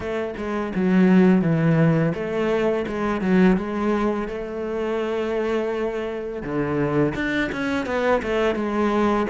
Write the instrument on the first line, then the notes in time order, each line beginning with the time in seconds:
cello
0.00 A3
0.37 G#3
0.75 F#3
1.41 E3
2.14 A3
2.87 G#3
3.21 F#3
3.56 G#3
4.28 A3
6.42 D3
7.14 D4
7.52 C#4
7.86 B3
8.22 A3
8.55 G#3